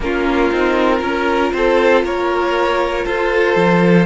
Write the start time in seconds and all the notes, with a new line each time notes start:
0.00 A#3 C#4 F4 A#4
0.51 C4 D#4
0.98 C#4 F4 A#4
1.52 C4 A4 C5
2.03 A#3 A#4 C#5
3.04 F4 A4 C5
3.56 F3